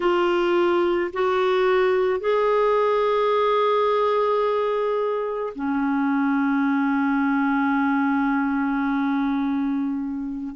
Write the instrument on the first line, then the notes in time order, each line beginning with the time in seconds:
clarinet
0.00 F4
1.13 F#4
2.19 G#4
5.55 C#4